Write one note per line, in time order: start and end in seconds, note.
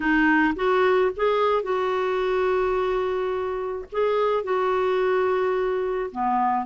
0.00 0.54 D#4
0.55 1.11 F#4
1.16 1.63 G#4
1.63 3.85 F#4
3.91 4.43 G#4
4.43 6.10 F#4
6.11 6.65 B3